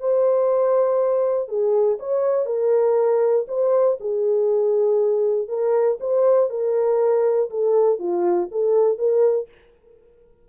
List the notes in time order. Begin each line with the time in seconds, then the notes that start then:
0.00 C5
1.49 G#4
2.00 C#5
2.46 A#4
3.48 C5
4.00 G#4
5.49 A#4
6.01 C5
6.50 A#4
7.50 A4
8.00 F4
8.52 A4
8.98 A#4